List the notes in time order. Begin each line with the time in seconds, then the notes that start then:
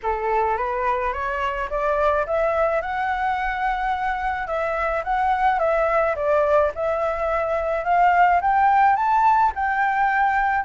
0.03 A4
0.57 B4
1.12 C#5
1.69 D5
2.26 E5
2.81 F#5
4.47 E5
5.03 F#5
5.59 E5
6.15 D5
6.74 E5
7.84 F5
8.41 G5
8.96 A5
9.55 G5